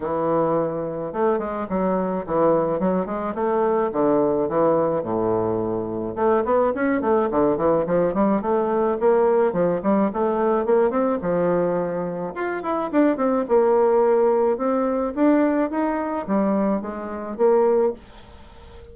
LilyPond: \new Staff \with { instrumentName = "bassoon" } { \time 4/4 \tempo 4 = 107 e2 a8 gis8 fis4 | e4 fis8 gis8 a4 d4 | e4 a,2 a8 b8 | cis'8 a8 d8 e8 f8 g8 a4 |
ais4 f8 g8 a4 ais8 c'8 | f2 f'8 e'8 d'8 c'8 | ais2 c'4 d'4 | dis'4 g4 gis4 ais4 | }